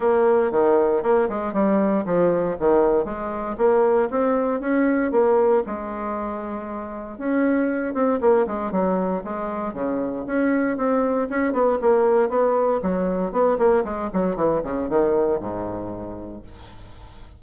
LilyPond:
\new Staff \with { instrumentName = "bassoon" } { \time 4/4 \tempo 4 = 117 ais4 dis4 ais8 gis8 g4 | f4 dis4 gis4 ais4 | c'4 cis'4 ais4 gis4~ | gis2 cis'4. c'8 |
ais8 gis8 fis4 gis4 cis4 | cis'4 c'4 cis'8 b8 ais4 | b4 fis4 b8 ais8 gis8 fis8 | e8 cis8 dis4 gis,2 | }